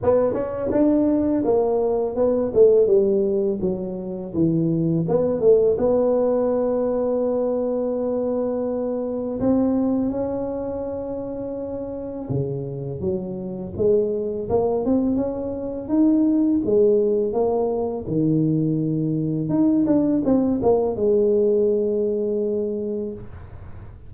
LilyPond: \new Staff \with { instrumentName = "tuba" } { \time 4/4 \tempo 4 = 83 b8 cis'8 d'4 ais4 b8 a8 | g4 fis4 e4 b8 a8 | b1~ | b4 c'4 cis'2~ |
cis'4 cis4 fis4 gis4 | ais8 c'8 cis'4 dis'4 gis4 | ais4 dis2 dis'8 d'8 | c'8 ais8 gis2. | }